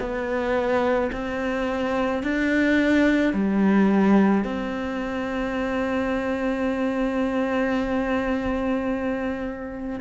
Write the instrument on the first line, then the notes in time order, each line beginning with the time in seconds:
cello
0.00 B3
1.13 C4
2.24 D4
3.34 G3
4.44 C4